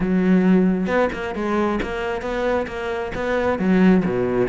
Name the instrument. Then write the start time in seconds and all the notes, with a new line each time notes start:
cello
0.00 F#3
0.86 B3
1.13 A#3
1.35 G#3
1.82 A#3
2.21 B3
2.67 A#3
3.14 B3
3.59 F#3
4.05 B2